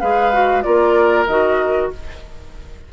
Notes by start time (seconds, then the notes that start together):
0.00 G#3 G#4 B4 F5
0.33 F#4
0.62 A#3 F4 A#4 D5
1.26 D#3 F#4 D#5